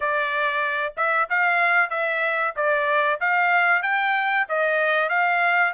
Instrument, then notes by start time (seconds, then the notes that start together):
trumpet
0.00 D5
0.96 E5
1.29 F5
1.90 E5
2.55 D5
3.20 F5
3.82 G5
4.49 D#5
5.09 F5